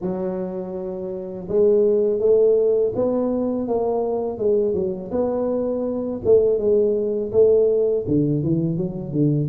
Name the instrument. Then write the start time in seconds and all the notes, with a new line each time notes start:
tuba
0.01 F#3
1.48 G#3
2.19 A3
2.95 B3
3.68 A#3
4.37 G#3
4.74 F#3
5.11 B3
6.25 A3
6.58 G#3
7.32 A3
8.07 D3
8.43 E3
8.77 F#3
9.12 D3